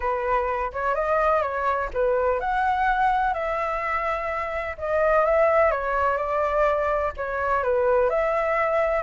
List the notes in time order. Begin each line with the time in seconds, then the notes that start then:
0.00 B4
0.73 C#5
0.94 D#5
1.42 C#5
1.93 B4
2.40 F#5
3.33 E5
4.77 D#5
5.25 E5
5.71 C#5
6.17 D5
7.16 C#5
7.63 B4
8.09 E5